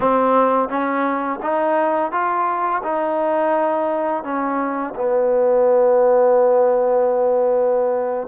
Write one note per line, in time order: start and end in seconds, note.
0.00 0.69 C4
0.69 1.39 C#4
1.42 2.11 D#4
2.11 2.82 F4
2.83 4.23 D#4
4.23 4.94 C#4
4.95 8.27 B3